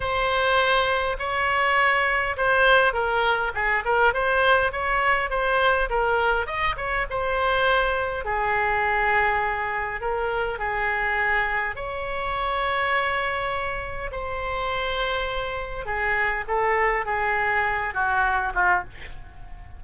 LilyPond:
\new Staff \with { instrumentName = "oboe" } { \time 4/4 \tempo 4 = 102 c''2 cis''2 | c''4 ais'4 gis'8 ais'8 c''4 | cis''4 c''4 ais'4 dis''8 cis''8 | c''2 gis'2~ |
gis'4 ais'4 gis'2 | cis''1 | c''2. gis'4 | a'4 gis'4. fis'4 f'8 | }